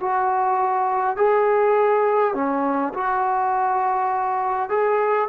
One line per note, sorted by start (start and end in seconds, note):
0.00 1.17 F#4
1.17 2.34 G#4
2.34 2.93 C#4
2.94 4.70 F#4
4.70 5.28 G#4